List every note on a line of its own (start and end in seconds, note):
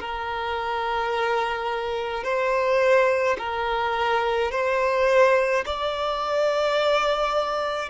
0.00 2.24 A#4
2.24 3.37 C5
3.38 4.51 A#4
4.51 5.64 C5
5.66 7.89 D5